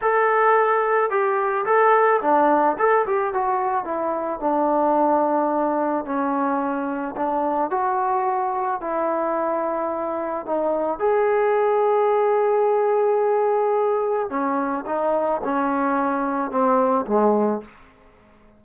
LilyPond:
\new Staff \with { instrumentName = "trombone" } { \time 4/4 \tempo 4 = 109 a'2 g'4 a'4 | d'4 a'8 g'8 fis'4 e'4 | d'2. cis'4~ | cis'4 d'4 fis'2 |
e'2. dis'4 | gis'1~ | gis'2 cis'4 dis'4 | cis'2 c'4 gis4 | }